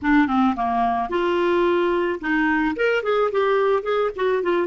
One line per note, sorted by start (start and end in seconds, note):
0.02 0.27 D4
0.27 0.55 C4
0.56 1.09 A#3
1.09 2.19 F4
2.20 2.75 D#4
2.76 3.03 A#4
3.03 3.31 G#4
3.31 3.82 G4
3.82 4.10 G#4
4.16 4.42 F#4
4.42 4.67 F4